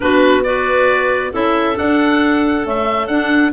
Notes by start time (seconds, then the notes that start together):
0.00 B3 D4 F#4 B4
0.43 F#4 B4 D5
1.31 C#4 E4 A4 E5
1.74 D4 F#5
2.64 A3 C#4 E5
3.07 D4 F#5